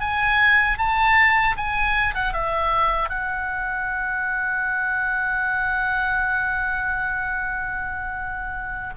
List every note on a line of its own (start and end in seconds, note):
0.00 0.78 G#5
0.78 1.56 A5
1.57 2.14 G#5
2.14 2.33 F#5
2.33 3.09 E5
3.09 8.93 F#5